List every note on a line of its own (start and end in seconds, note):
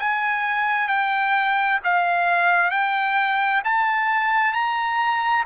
0.00 0.88 G#5
0.88 1.79 G5
1.84 2.71 F5
2.71 3.62 G5
3.65 4.53 A5
4.53 5.44 A#5